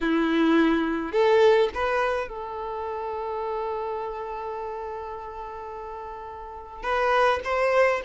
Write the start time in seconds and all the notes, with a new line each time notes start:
0.00 E4
1.12 A4
1.74 B4
2.28 A4
6.83 B4
7.44 C5